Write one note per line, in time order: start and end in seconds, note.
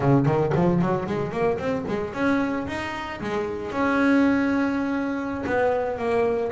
0.00 0.25 C#3
0.26 0.52 D#3
0.55 0.81 F3
0.81 1.06 F#3
1.06 1.31 G#3
1.31 1.58 A#3
1.58 1.85 C4
1.87 2.13 G#3
2.13 2.66 C#4
2.67 3.20 D#4
3.20 3.71 G#3
3.71 5.44 C#4
5.46 5.98 B3
5.98 6.51 A#3